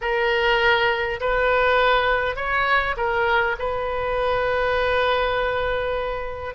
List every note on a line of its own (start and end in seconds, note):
0.01 1.20 A#4
1.20 2.36 B4
2.36 2.95 C#5
2.96 3.56 A#4
3.58 6.54 B4